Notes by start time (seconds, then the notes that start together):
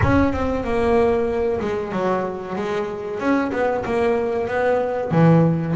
0.02 C#4
0.32 C4
0.64 A#3
1.60 G#3
1.91 F#3
2.55 G#3
3.19 C#4
3.52 B3
3.85 A#3
4.47 B3
5.11 E3